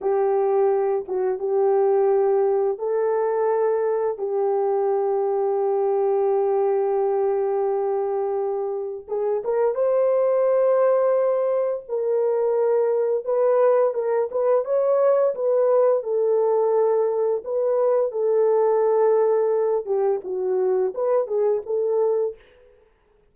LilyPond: \new Staff \with { instrumentName = "horn" } { \time 4/4 \tempo 4 = 86 g'4. fis'8 g'2 | a'2 g'2~ | g'1~ | g'4 gis'8 ais'8 c''2~ |
c''4 ais'2 b'4 | ais'8 b'8 cis''4 b'4 a'4~ | a'4 b'4 a'2~ | a'8 g'8 fis'4 b'8 gis'8 a'4 | }